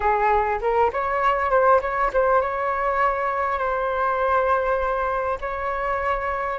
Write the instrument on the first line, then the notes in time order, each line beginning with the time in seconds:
flute
0.00 G#4
0.61 A#4
0.92 C#5
1.50 C5
1.81 C#5
2.13 C5
2.41 C#5
3.58 C5
5.41 C#5